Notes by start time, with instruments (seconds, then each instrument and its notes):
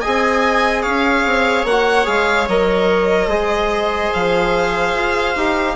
0.00 bassoon C4, trombone G#4, viola D#5, violin G#5
0.82 bassoon C#4, viola C#5, violin F5
1.25 bassoon C4
1.64 bassoon A#3, trombone F#4, violin F#5
2.04 bassoon G#3, trombone G#4, violin F5
2.48 bassoon F#3, trombone A#4, violin D#5
3.27 bassoon G#3, trombone G#4, viola C5
4.13 bassoon F3, violin F5
4.94 bassoon F4
5.35 bassoon D#4, trombone G4